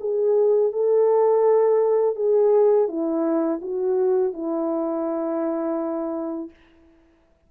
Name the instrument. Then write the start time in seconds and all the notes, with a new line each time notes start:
horn
0.00 G#4
0.72 A4
2.16 G#4
2.88 E4
3.61 F#4
4.33 E4